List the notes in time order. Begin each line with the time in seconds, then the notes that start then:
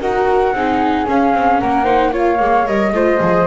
0.00 D#4 F#4 A#4 F#5
0.53 C4 D#4 G#4
1.05 C#4 F5
1.33 C4
1.59 A#3 A#4 F#5
1.83 D#4 C5
2.12 F4 C#5 F5
2.38 G#3 A#3
2.66 G3 A#4 D#5
2.92 A3 F4 C5
3.20 F3 G#4